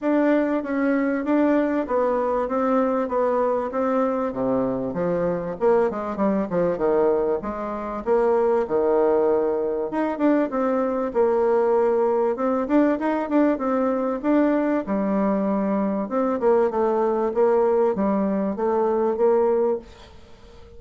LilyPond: \new Staff \with { instrumentName = "bassoon" } { \time 4/4 \tempo 4 = 97 d'4 cis'4 d'4 b4 | c'4 b4 c'4 c4 | f4 ais8 gis8 g8 f8 dis4 | gis4 ais4 dis2 |
dis'8 d'8 c'4 ais2 | c'8 d'8 dis'8 d'8 c'4 d'4 | g2 c'8 ais8 a4 | ais4 g4 a4 ais4 | }